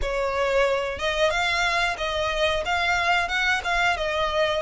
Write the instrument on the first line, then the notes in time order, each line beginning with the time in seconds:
violin
0.01 C#5
0.99 D#5
1.30 F5
1.98 D#5
2.65 F5
3.28 F#5
3.64 F5
3.97 D#5